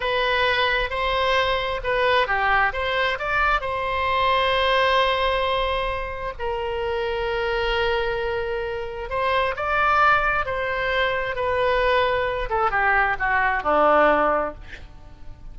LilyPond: \new Staff \with { instrumentName = "oboe" } { \time 4/4 \tempo 4 = 132 b'2 c''2 | b'4 g'4 c''4 d''4 | c''1~ | c''2 ais'2~ |
ais'1 | c''4 d''2 c''4~ | c''4 b'2~ b'8 a'8 | g'4 fis'4 d'2 | }